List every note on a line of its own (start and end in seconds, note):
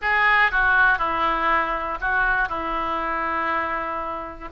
0.01 0.51 G#4
0.51 0.98 F#4
0.98 1.98 E4
2.00 2.48 F#4
2.48 4.48 E4